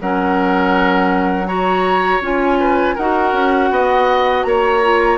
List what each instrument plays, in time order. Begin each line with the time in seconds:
0.00 bassoon F#3, clarinet C#4, oboe A#4, flute F#5
1.46 clarinet F#4, oboe C#5, flute A#5
2.20 bassoon C#4, clarinet F4, flute G#5
2.59 oboe B4
2.95 bassoon D#4, clarinet F#4, oboe A#4, flute F#5
3.32 bassoon C#4
3.70 bassoon B3, oboe D#5
4.43 bassoon A#3, oboe C#5, flute A#5
4.83 clarinet F4